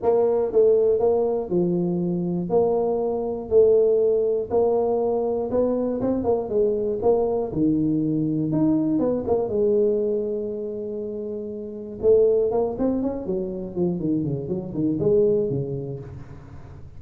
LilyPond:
\new Staff \with { instrumentName = "tuba" } { \time 4/4 \tempo 4 = 120 ais4 a4 ais4 f4~ | f4 ais2 a4~ | a4 ais2 b4 | c'8 ais8 gis4 ais4 dis4~ |
dis4 dis'4 b8 ais8 gis4~ | gis1 | a4 ais8 c'8 cis'8 fis4 f8 | dis8 cis8 fis8 dis8 gis4 cis4 | }